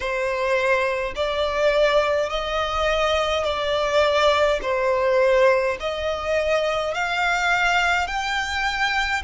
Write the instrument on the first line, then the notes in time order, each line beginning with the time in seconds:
violin
0.00 C5
1.15 D5
2.29 D#5
3.44 D5
4.62 C5
5.80 D#5
6.93 F5
8.07 G5